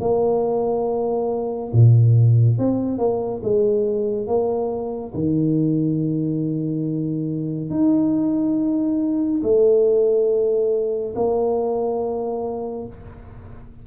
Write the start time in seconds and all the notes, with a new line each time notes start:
0.00 A#3
1.73 A#2
2.58 C4
2.98 A#3
3.43 G#3
4.27 A#3
5.14 D#3
7.70 D#4
9.43 A3
11.15 A#3